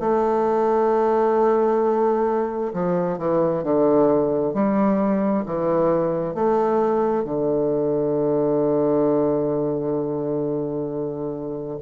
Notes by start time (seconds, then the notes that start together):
0.00 A3
2.74 F3
3.19 E3
3.64 D3
4.54 G3
5.46 E3
6.35 A3
7.25 D3